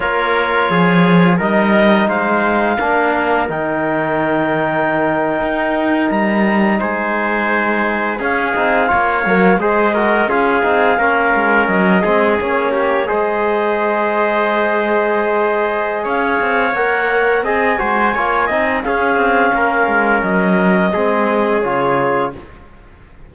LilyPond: <<
  \new Staff \with { instrumentName = "clarinet" } { \time 4/4 \tempo 4 = 86 cis''2 dis''4 f''4~ | f''4 g''2.~ | g''8. ais''4 gis''2 f''16~ | f''4.~ f''16 dis''4 f''4~ f''16~ |
f''8. dis''4 cis''4 dis''4~ dis''16~ | dis''2. f''4 | fis''4 gis''2 f''4~ | f''4 dis''2 cis''4 | }
  \new Staff \with { instrumentName = "trumpet" } { \time 4/4 ais'4 gis'4 ais'4 c''4 | ais'1~ | ais'4.~ ais'16 c''2 gis'16~ | gis'8. cis''4 c''8 ais'8 gis'4 ais'16~ |
ais'4~ ais'16 gis'4 g'8 c''4~ c''16~ | c''2. cis''4~ | cis''4 dis''8 c''8 cis''8 dis''8 gis'4 | ais'2 gis'2 | }
  \new Staff \with { instrumentName = "trombone" } { \time 4/4 f'2 dis'2 | d'4 dis'2.~ | dis'2.~ dis'8. cis'16~ | cis'16 dis'8 f'8 ais8 gis'8 fis'8 f'8 dis'8 cis'16~ |
cis'4~ cis'16 c'8 cis'4 gis'4~ gis'16~ | gis'1 | ais'4 gis'8 fis'8 f'8 dis'8 cis'4~ | cis'2 c'4 f'4 | }
  \new Staff \with { instrumentName = "cello" } { \time 4/4 ais4 f4 g4 gis4 | ais4 dis2~ dis8. dis'16~ | dis'8. g4 gis2 cis'16~ | cis'16 c'8 ais8 fis8 gis4 cis'8 c'8 ais16~ |
ais16 gis8 fis8 gis8 ais4 gis4~ gis16~ | gis2. cis'8 c'8 | ais4 c'8 gis8 ais8 c'8 cis'8 c'8 | ais8 gis8 fis4 gis4 cis4 | }
>>